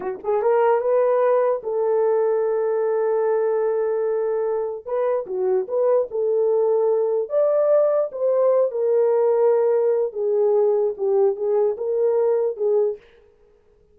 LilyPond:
\new Staff \with { instrumentName = "horn" } { \time 4/4 \tempo 4 = 148 fis'8 gis'8 ais'4 b'2 | a'1~ | a'1 | b'4 fis'4 b'4 a'4~ |
a'2 d''2 | c''4. ais'2~ ais'8~ | ais'4 gis'2 g'4 | gis'4 ais'2 gis'4 | }